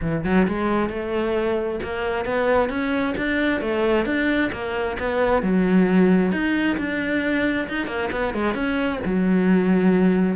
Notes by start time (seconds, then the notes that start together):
0.01 E3
0.24 F#3
0.47 G#3
0.89 A3
1.83 A#3
2.25 B3
2.69 C#4
3.17 D4
3.60 A3
4.05 D4
4.52 A#3
4.99 B3
5.42 F#3
6.32 D#4
6.77 D4
7.68 D#4
7.86 A#3
8.11 B3
8.34 G#3
8.54 C#4
9.05 F#3